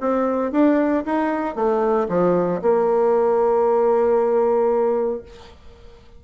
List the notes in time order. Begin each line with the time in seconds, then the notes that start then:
0.00 C4
0.52 D4
1.05 D#4
1.55 A3
2.09 F3
2.62 A#3